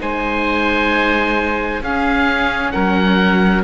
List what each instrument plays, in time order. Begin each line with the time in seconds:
0.00 cello G#3, viola D#4, oboe C5 G#5
1.81 cello C#4, viola C#4, oboe G#4 F5
2.72 cello F#3, oboe A#4 F#5